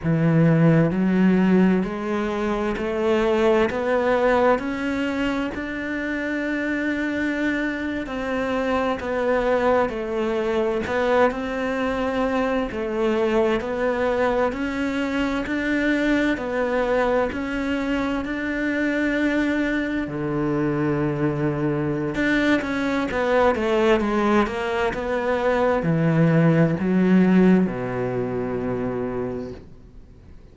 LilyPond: \new Staff \with { instrumentName = "cello" } { \time 4/4 \tempo 4 = 65 e4 fis4 gis4 a4 | b4 cis'4 d'2~ | d'8. c'4 b4 a4 b16~ | b16 c'4. a4 b4 cis'16~ |
cis'8. d'4 b4 cis'4 d'16~ | d'4.~ d'16 d2~ d16 | d'8 cis'8 b8 a8 gis8 ais8 b4 | e4 fis4 b,2 | }